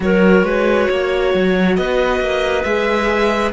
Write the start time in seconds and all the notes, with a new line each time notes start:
0.00 F#3 F#4 A#4 C#5
0.43 G#3 B4
0.88 A#3 C#5
1.33 F#3
1.76 B3 B4 D#5
2.20 A#3
2.63 G#3 G#4 E5